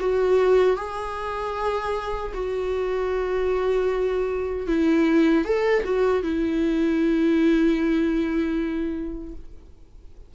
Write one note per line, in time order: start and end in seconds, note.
0.00 0.77 F#4
0.77 2.33 G#4
2.33 4.67 F#4
4.67 5.45 E4
5.45 5.84 A4
5.84 6.23 F#4
6.23 9.34 E4